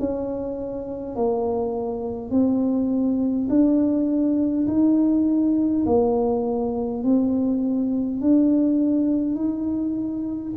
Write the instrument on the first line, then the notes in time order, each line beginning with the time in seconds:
tuba
0.00 C#4
1.16 A#3
2.31 C4
3.50 D4
4.67 D#4
5.86 A#3
7.04 C4
8.21 D4
9.36 D#4